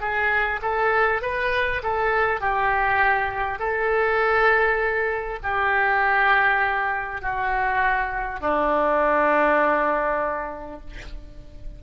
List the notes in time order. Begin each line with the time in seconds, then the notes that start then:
0.00 G#4
0.61 A4
1.21 B4
1.83 A4
2.41 G4
3.58 A4
5.43 G4
7.21 F#4
8.40 D4